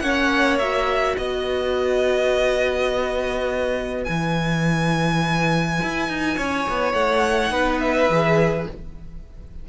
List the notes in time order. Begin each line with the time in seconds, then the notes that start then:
0.00 A#3 C#4 C#5 F#5
0.59 F#4 E5
1.18 B3 B4 D#5
4.05 E3 E4 G#5
5.83 E4
6.09 D#4
6.37 C#4 C#5
6.69 B3
6.94 A3 F#5
7.51 B3 D#4 B4
7.80 E5
8.09 E3 G#4